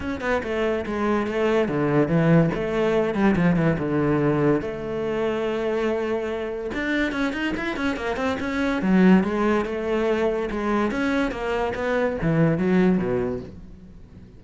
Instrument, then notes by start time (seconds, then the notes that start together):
cello
0.00 C#4
0.20 B3
0.43 A3
0.85 G#3
1.26 A3
1.68 D3
2.08 E3
2.54 A3
3.14 G3
3.35 F3
3.56 E3
3.78 D3
4.61 A3
6.74 D4
7.12 C#4
7.32 D#4
7.56 E4
7.76 C#4
7.96 A#3
8.16 C4
8.40 C#4
8.82 F#3
9.23 G#3
9.65 A3
10.50 G#3
10.91 C#4
11.31 A#3
11.75 B3
12.22 E3
12.58 F#3
12.97 B2